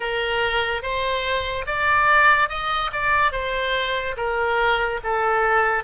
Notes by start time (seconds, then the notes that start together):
0.00 A#4
0.82 C5
1.66 D5
2.48 D#5
2.92 D5
3.32 C5
4.16 A#4
5.03 A4